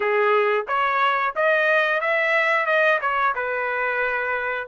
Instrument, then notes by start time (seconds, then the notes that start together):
trumpet
0.00 G#4
0.67 C#5
1.35 D#5
2.00 E5
2.65 D#5
3.01 C#5
3.35 B4